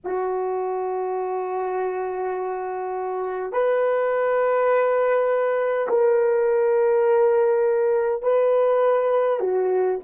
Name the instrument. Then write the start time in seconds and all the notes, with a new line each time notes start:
horn
0.04 F#4
3.52 B4
5.88 A#4
8.22 B4
9.40 F#4